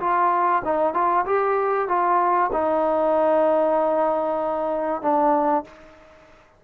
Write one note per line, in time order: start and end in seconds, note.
0.00 0.62 F4
0.65 0.94 D#4
0.94 1.25 F4
1.26 1.88 G4
1.89 2.51 F4
2.53 5.02 D#4
5.02 5.64 D4